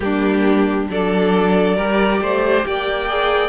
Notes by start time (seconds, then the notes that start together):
0.00 G3 A#3 D4 G4
0.89 F#3 D4 A4 D5
1.76 G3 G4 A#4
2.20 A3 C5
2.65 A#3 D5 G5
3.08 G#4